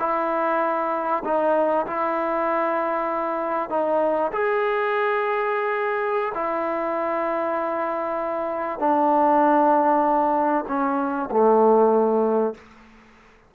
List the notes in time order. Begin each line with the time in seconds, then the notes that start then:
0.00 E4
1.25 D#4
1.87 E4
3.70 D#4
4.32 G#4
6.35 E4
8.79 D4
10.68 C#4
11.31 A3